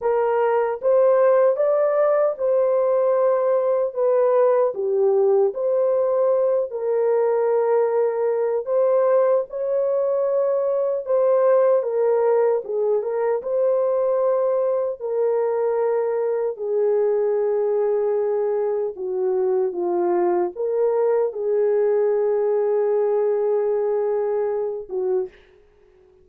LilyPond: \new Staff \with { instrumentName = "horn" } { \time 4/4 \tempo 4 = 76 ais'4 c''4 d''4 c''4~ | c''4 b'4 g'4 c''4~ | c''8 ais'2~ ais'8 c''4 | cis''2 c''4 ais'4 |
gis'8 ais'8 c''2 ais'4~ | ais'4 gis'2. | fis'4 f'4 ais'4 gis'4~ | gis'2.~ gis'8 fis'8 | }